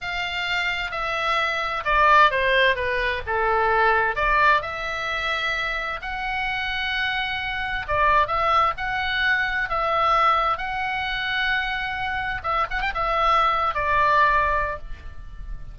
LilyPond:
\new Staff \with { instrumentName = "oboe" } { \time 4/4 \tempo 4 = 130 f''2 e''2 | d''4 c''4 b'4 a'4~ | a'4 d''4 e''2~ | e''4 fis''2.~ |
fis''4 d''4 e''4 fis''4~ | fis''4 e''2 fis''4~ | fis''2. e''8 fis''16 g''16 | e''4.~ e''16 d''2~ d''16 | }